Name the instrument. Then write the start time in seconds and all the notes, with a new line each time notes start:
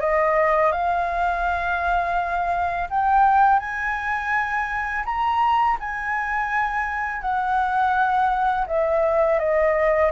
flute
0.00 D#5
0.72 F5
2.90 G5
3.59 G#5
5.05 A#5
5.80 G#5
7.21 F#5
8.67 E5
9.39 D#5